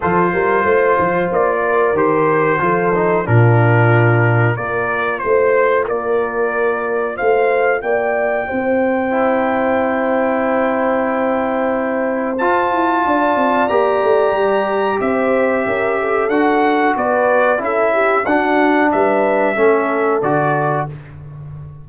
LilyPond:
<<
  \new Staff \with { instrumentName = "trumpet" } { \time 4/4 \tempo 4 = 92 c''2 d''4 c''4~ | c''4 ais'2 d''4 | c''4 d''2 f''4 | g''1~ |
g''2. a''4~ | a''4 ais''2 e''4~ | e''4 fis''4 d''4 e''4 | fis''4 e''2 d''4 | }
  \new Staff \with { instrumentName = "horn" } { \time 4/4 a'8 ais'8 c''4. ais'4. | a'4 f'2 ais'4 | c''4 ais'2 c''4 | d''4 c''2.~ |
c''1 | d''2. c''4 | ais'8 a'4. b'4 a'8 g'8 | fis'4 b'4 a'2 | }
  \new Staff \with { instrumentName = "trombone" } { \time 4/4 f'2. g'4 | f'8 dis'8 d'2 f'4~ | f'1~ | f'2 e'2~ |
e'2. f'4~ | f'4 g'2.~ | g'4 fis'2 e'4 | d'2 cis'4 fis'4 | }
  \new Staff \with { instrumentName = "tuba" } { \time 4/4 f8 g8 a8 f8 ais4 dis4 | f4 ais,2 ais4 | a4 ais2 a4 | ais4 c'2.~ |
c'2. f'8 e'8 | d'8 c'8 ais8 a8 g4 c'4 | cis'4 d'4 b4 cis'4 | d'4 g4 a4 d4 | }
>>